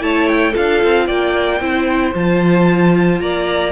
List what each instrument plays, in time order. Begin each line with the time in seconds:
0.00 cello A3, viola E4, violin C#5 A5
0.29 violin G5
0.52 cello D4, viola F4, violin A4 F5
0.84 cello C4
1.07 cello A#3, violin D5 G5
1.61 cello C4, viola E4, violin C5
2.15 cello F3, viola F4, violin A5
3.21 cello A#3, violin D5 A#5